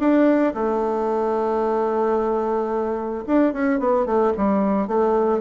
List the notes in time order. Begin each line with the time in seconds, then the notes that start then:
0.00 D4
0.55 A3
3.27 D4
3.53 C#4
3.80 B3
4.06 A3
4.37 G3
4.88 A3